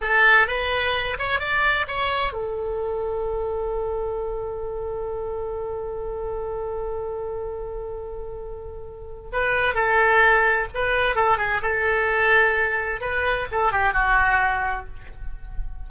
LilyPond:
\new Staff \with { instrumentName = "oboe" } { \time 4/4 \tempo 4 = 129 a'4 b'4. cis''8 d''4 | cis''4 a'2.~ | a'1~ | a'1~ |
a'1 | b'4 a'2 b'4 | a'8 gis'8 a'2. | b'4 a'8 g'8 fis'2 | }